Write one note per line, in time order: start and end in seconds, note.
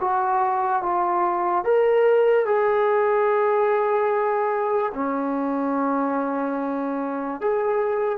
0.00 0.82 F#4
0.82 1.64 F4
1.64 2.45 A#4
2.45 4.92 G#4
4.94 7.40 C#4
7.40 8.18 G#4